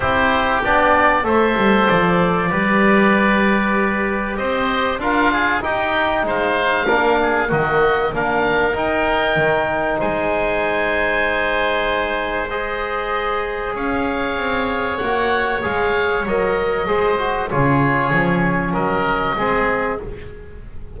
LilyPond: <<
  \new Staff \with { instrumentName = "oboe" } { \time 4/4 \tempo 4 = 96 c''4 d''4 e''4 d''4~ | d''2. dis''4 | f''4 g''4 f''2 | dis''4 f''4 g''2 |
gis''1 | dis''2 f''2 | fis''4 f''4 dis''2 | cis''2 dis''2 | }
  \new Staff \with { instrumentName = "oboe" } { \time 4/4 g'2 c''2 | b'2. c''4 | ais'8 gis'8 g'4 c''4 ais'8 gis'8 | fis'4 ais'2. |
c''1~ | c''2 cis''2~ | cis''2. c''4 | gis'2 ais'4 gis'4 | }
  \new Staff \with { instrumentName = "trombone" } { \time 4/4 e'4 d'4 a'2 | g'1 | f'4 dis'2 d'4 | ais4 d'4 dis'2~ |
dis'1 | gis'1 | fis'4 gis'4 ais'4 gis'8 fis'8 | f'4 cis'2 c'4 | }
  \new Staff \with { instrumentName = "double bass" } { \time 4/4 c'4 b4 a8 g8 f4 | g2. c'4 | d'4 dis'4 gis4 ais4 | dis4 ais4 dis'4 dis4 |
gis1~ | gis2 cis'4 c'4 | ais4 gis4 fis4 gis4 | cis4 f4 fis4 gis4 | }
>>